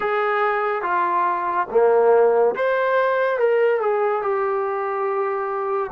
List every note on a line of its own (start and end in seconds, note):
0.00 0.82 G#4
0.82 1.67 F4
1.71 2.55 A#3
2.55 3.38 C5
3.38 3.80 A#4
3.80 4.21 G#4
4.21 5.90 G4